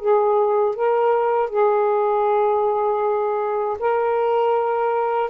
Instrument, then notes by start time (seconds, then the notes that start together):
saxophone
0.00 G#4
0.76 A#4
1.50 G#4
3.80 A#4